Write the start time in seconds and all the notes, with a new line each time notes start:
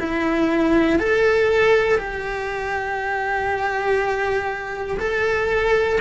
0.00 E4
0.99 A4
1.98 G4
4.99 A4